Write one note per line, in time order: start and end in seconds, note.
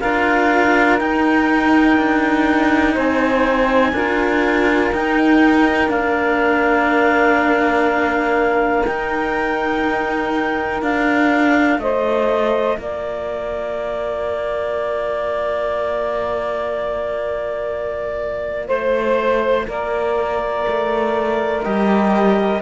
0.00 1.01 D4
0.00 0.98 F4
0.00 2.94 A#4
0.00 0.98 F5
0.98 3.93 D#4
0.98 1.98 D#4
0.98 2.96 G5
1.98 2.97 D4
2.94 3.93 C4
2.94 3.92 C5
2.94 4.94 G#5
3.93 4.91 D4
3.93 4.94 F4
3.93 11.80 A#4
4.92 5.91 D#4
4.92 5.87 D#4
4.92 5.91 G5
5.87 8.86 A#3
5.87 8.82 D4
5.87 8.85 F5
8.85 10.82 D#4
8.85 10.82 G5
10.82 11.79 D4
10.82 21.64 F4
10.82 11.80 F5
11.79 12.78 A3
11.79 12.78 C5
11.79 12.78 D#5
12.78 18.69 A#3
12.78 18.68 A#4
12.78 18.68 D5
18.68 19.67 A3
18.68 19.66 C5
18.68 19.67 C5
19.67 20.67 A#3
19.67 22.62 A#4
19.67 21.64 D5
20.68 21.66 A3
21.64 22.62 G3
21.64 22.62 G4
21.64 22.62 D#5